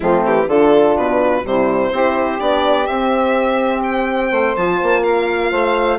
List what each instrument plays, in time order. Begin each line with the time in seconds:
0.00 bassoon F3, horn A3, saxophone C4, violin F4
0.25 bassoon E3, violin G4
0.46 bassoon D3, horn D4, saxophone F4, violin A4
0.96 bassoon B2, violin B4
1.43 bassoon C3, horn G3, saxophone E4, violin C5
1.91 bassoon C4, horn E4, saxophone G4
2.39 bassoon B3, horn D4, violin D5
2.86 bassoon C4, horn C4, violin E5
3.83 violin G5
4.30 bassoon A3, saxophone C5
4.56 bassoon F3, horn F4, violin A5
4.82 bassoon A#3
5.02 saxophone A#4, violin F5
5.50 bassoon A3, saxophone C5